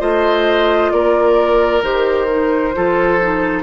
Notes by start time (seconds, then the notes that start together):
0.00 A3 F4 C5 D#5
0.91 A#3 A#4 D5
1.82 D#3 G4 C5
2.29 D#4
2.74 F3 F4 A4
3.21 D#4